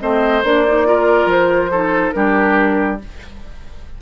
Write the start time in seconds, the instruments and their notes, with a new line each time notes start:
0.00 bassoon A3, clarinet C4, oboe C5, flute D#5
0.44 bassoon A#3, clarinet D4, flute D5
0.67 clarinet D#4
0.86 clarinet F4, oboe A#4
1.26 bassoon F3, flute C5
1.71 clarinet D#4, oboe A4
2.12 bassoon G3, clarinet D4, oboe G4, flute A#4